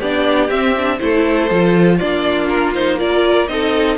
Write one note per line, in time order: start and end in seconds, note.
0.00 0.50 B3
0.00 0.49 D4
0.00 0.99 G4
0.00 0.50 D5
0.49 0.74 C4
0.49 1.00 C4
0.49 1.00 E5
0.78 1.00 D4
1.00 1.51 A3
1.00 1.49 E4
1.00 1.98 A4
1.00 1.98 C5
1.51 2.00 F3
1.51 2.01 F4
1.98 3.49 A#3
1.98 2.75 D4
1.98 2.97 F4
1.98 2.47 D5
2.49 2.74 A#4
2.74 2.98 D#4
2.74 2.99 C5
2.98 3.48 F4
2.98 3.50 A#4
2.98 3.48 D5
3.48 3.98 C4
3.48 3.98 D#4
3.48 3.99 A4
3.48 3.98 D#5